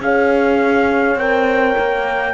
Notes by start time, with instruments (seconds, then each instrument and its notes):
0.00 cello C#4, horn G#4 C#5, trumpet F5
1.15 cello C4, horn A#4, trumpet G5
1.79 cello A#3